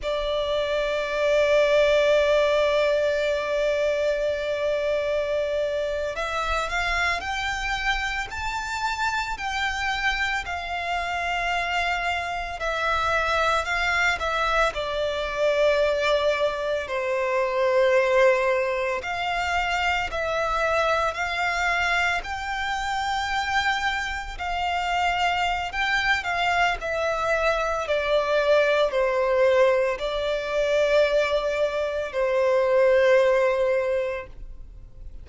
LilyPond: \new Staff \with { instrumentName = "violin" } { \time 4/4 \tempo 4 = 56 d''1~ | d''4.~ d''16 e''8 f''8 g''4 a''16~ | a''8. g''4 f''2 e''16~ | e''8. f''8 e''8 d''2 c''16~ |
c''4.~ c''16 f''4 e''4 f''16~ | f''8. g''2 f''4~ f''16 | g''8 f''8 e''4 d''4 c''4 | d''2 c''2 | }